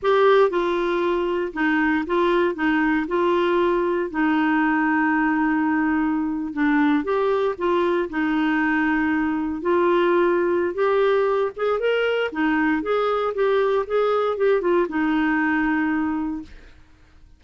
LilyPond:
\new Staff \with { instrumentName = "clarinet" } { \time 4/4 \tempo 4 = 117 g'4 f'2 dis'4 | f'4 dis'4 f'2 | dis'1~ | dis'8. d'4 g'4 f'4 dis'16~ |
dis'2~ dis'8. f'4~ f'16~ | f'4 g'4. gis'8 ais'4 | dis'4 gis'4 g'4 gis'4 | g'8 f'8 dis'2. | }